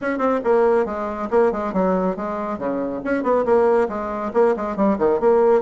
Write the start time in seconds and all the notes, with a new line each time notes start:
0.01 C#4
0.18 C4
0.44 A#3
0.85 G#3
1.30 A#3
1.52 G#3
1.73 F#3
2.16 G#3
2.58 C#3
3.04 C#4
3.23 B3
3.45 A#3
3.88 G#3
4.33 A#3
4.56 G#3
4.76 G3
4.98 D#3
5.20 A#3